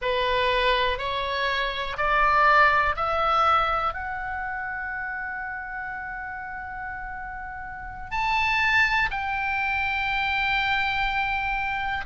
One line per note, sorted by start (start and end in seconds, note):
0.01 0.98 B4
0.98 1.97 C#5
1.97 2.95 D5
2.96 3.93 E5
3.93 8.11 F#5
8.11 9.09 A5
9.10 12.05 G5